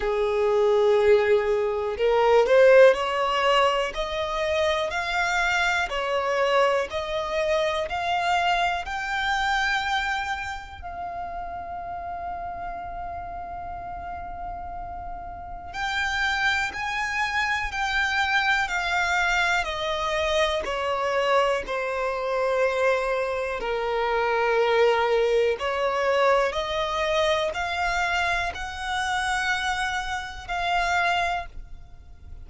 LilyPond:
\new Staff \with { instrumentName = "violin" } { \time 4/4 \tempo 4 = 61 gis'2 ais'8 c''8 cis''4 | dis''4 f''4 cis''4 dis''4 | f''4 g''2 f''4~ | f''1 |
g''4 gis''4 g''4 f''4 | dis''4 cis''4 c''2 | ais'2 cis''4 dis''4 | f''4 fis''2 f''4 | }